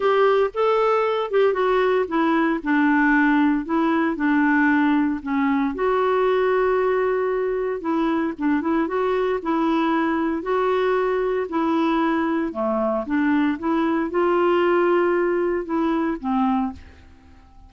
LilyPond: \new Staff \with { instrumentName = "clarinet" } { \time 4/4 \tempo 4 = 115 g'4 a'4. g'8 fis'4 | e'4 d'2 e'4 | d'2 cis'4 fis'4~ | fis'2. e'4 |
d'8 e'8 fis'4 e'2 | fis'2 e'2 | a4 d'4 e'4 f'4~ | f'2 e'4 c'4 | }